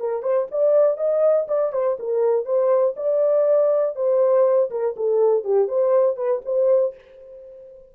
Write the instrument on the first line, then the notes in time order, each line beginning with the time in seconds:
horn
0.00 A#4
0.23 C5
0.51 D5
0.98 D#5
1.48 D5
1.73 C5
2.00 A#4
2.45 C5
2.97 D5
3.96 C5
4.71 A#4
4.97 A4
5.44 G4
5.68 C5
6.17 B4
6.46 C5